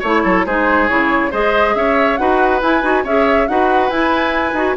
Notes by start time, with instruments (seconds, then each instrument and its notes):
0.00 bassoon A3, clarinet E4, oboe C#5, flute C#5
0.24 bassoon F#3, oboe A4
0.46 bassoon G#3, clarinet D#4, oboe G#4, flute C5
0.88 bassoon C#3, clarinet E4, flute C#5
1.31 bassoon G#3, clarinet G#4, oboe C5, flute D#5
1.75 bassoon C#4, oboe C#5, flute E5
2.17 bassoon D#4, clarinet F#4, oboe B4, flute F#5
2.62 clarinet E4, bassoon E4, flute G#5
2.82 bassoon D#4, clarinet F#4
3.04 bassoon C#4, clarinet G#4, oboe C#5, flute E5
3.48 bassoon D#4, clarinet F#4, oboe B4, flute F#5
3.90 bassoon E4, clarinet E4, flute G#5
4.53 bassoon D#4, clarinet F#4